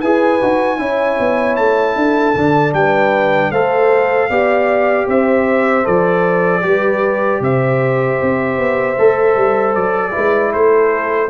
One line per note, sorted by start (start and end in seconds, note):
0.00 0.42 E4
0.00 0.42 G#4
0.00 0.78 B4
0.00 1.56 G#5
0.42 0.79 D#4
0.42 0.79 F#4
0.79 1.18 C#4
0.79 2.35 E4
0.79 1.97 C#5
1.19 1.58 B3
1.56 1.96 A3
1.56 2.73 A5
1.96 2.35 D4
1.96 2.75 A4
2.35 2.74 D3
2.35 3.54 D4
2.74 3.51 G3
2.74 3.51 B4
2.74 3.52 G5
3.51 4.29 A3
3.51 4.31 A4
3.51 4.29 C5
3.51 5.08 F5
4.29 5.07 B3
4.29 5.84 G4
4.29 5.07 D5
5.07 5.86 C4
5.07 6.63 C5
5.07 5.87 E5
5.84 6.64 F3
5.84 6.62 A4
5.84 7.42 D5
6.62 7.40 G3
6.62 8.96 G4
6.62 7.42 B4
7.40 8.18 C3
7.40 10.13 C5
7.40 9.75 E5
8.22 8.58 C4
8.58 8.97 B3
8.99 9.37 A3
8.99 10.11 A4
9.37 9.75 G3
9.75 10.15 F#3
9.75 10.53 D5
10.11 11.28 E4
10.11 10.52 B4
10.17 10.55 G#3
10.53 11.30 A3
10.53 11.30 A4
10.53 11.30 C5